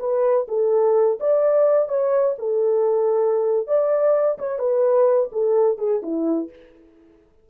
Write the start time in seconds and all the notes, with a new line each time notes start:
0.00 B4
0.49 A4
1.20 D5
1.89 C#5
2.39 A4
3.68 D5
4.39 C#5
4.59 B4
5.33 A4
5.79 G#4
6.03 E4